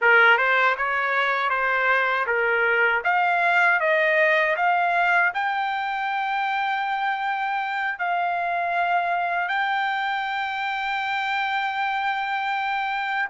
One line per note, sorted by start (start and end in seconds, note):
0.01 0.37 A#4
0.37 0.75 C5
0.77 1.49 C#5
1.49 2.25 C5
2.26 3.02 A#4
3.04 3.80 F5
3.80 4.56 D#5
4.56 5.32 F5
5.34 7.98 G5
7.98 9.48 F5
9.48 13.28 G5